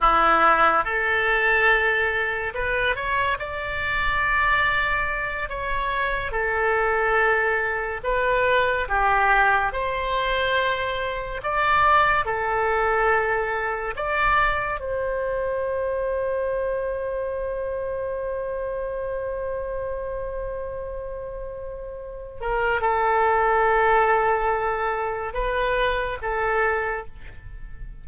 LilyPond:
\new Staff \with { instrumentName = "oboe" } { \time 4/4 \tempo 4 = 71 e'4 a'2 b'8 cis''8 | d''2~ d''8 cis''4 a'8~ | a'4. b'4 g'4 c''8~ | c''4. d''4 a'4.~ |
a'8 d''4 c''2~ c''8~ | c''1~ | c''2~ c''8 ais'8 a'4~ | a'2 b'4 a'4 | }